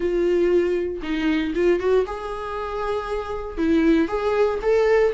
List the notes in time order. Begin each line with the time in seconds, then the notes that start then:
0.00 F4
1.02 D#4
1.54 F4
1.79 F#4
2.06 G#4
3.57 E4
4.08 G#4
4.62 A4